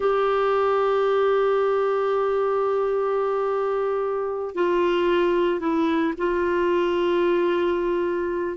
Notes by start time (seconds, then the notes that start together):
0.00 G4
4.54 F4
5.60 E4
6.17 F4